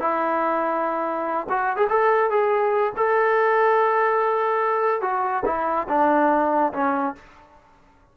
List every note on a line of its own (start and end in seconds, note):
0.00 1.47 E4
1.49 1.77 F#4
1.77 1.87 G#4
1.90 2.30 A4
2.30 2.93 G#4
2.97 5.02 A4
5.02 5.44 F#4
5.45 5.87 E4
5.89 6.72 D4
6.73 7.15 C#4